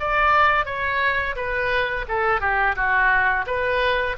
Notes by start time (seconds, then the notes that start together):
0.00 D5
0.66 C#5
1.36 B4
2.08 A4
2.41 G4
2.76 F#4
3.47 B4